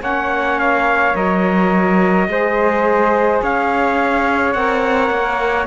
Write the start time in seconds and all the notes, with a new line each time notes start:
0.00 A#3 C#4 C#5 F#5
0.59 F5
1.14 F#3 A#4 D#5
2.28 G#3 G#4 C5
3.42 C#4 C#5 F5
4.53 C4 A#4 F#5
5.10 A#3